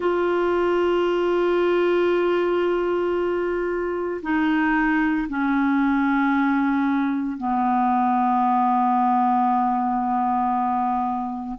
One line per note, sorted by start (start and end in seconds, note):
0.00 4.21 F4
4.22 5.27 D#4
5.28 7.37 C#4
7.37 11.58 B3